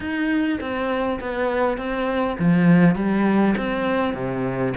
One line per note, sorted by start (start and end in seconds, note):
0.00 0.59 D#4
0.60 1.19 C4
1.20 1.77 B3
1.77 2.37 C4
2.38 2.95 F3
2.95 3.54 G3
3.57 4.14 C4
4.14 4.73 C3